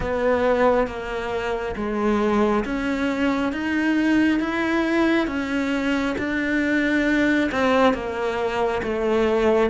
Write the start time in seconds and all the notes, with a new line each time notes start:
0.00 B3
0.87 A#3
1.76 G#3
2.64 C#4
3.52 D#4
4.40 E4
5.27 C#4
6.18 D4
7.51 C4
7.93 A#3
8.82 A3